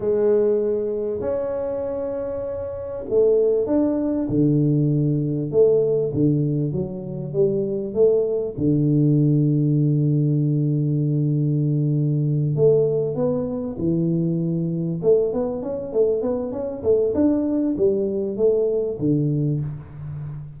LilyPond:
\new Staff \with { instrumentName = "tuba" } { \time 4/4 \tempo 4 = 98 gis2 cis'2~ | cis'4 a4 d'4 d4~ | d4 a4 d4 fis4 | g4 a4 d2~ |
d1~ | d8 a4 b4 e4.~ | e8 a8 b8 cis'8 a8 b8 cis'8 a8 | d'4 g4 a4 d4 | }